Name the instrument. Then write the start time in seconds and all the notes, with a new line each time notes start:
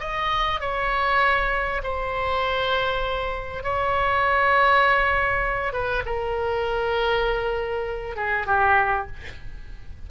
oboe
0.00 D#5
0.61 C#5
1.83 C5
3.63 C#5
5.73 B4
6.06 A#4
8.16 G#4
8.47 G4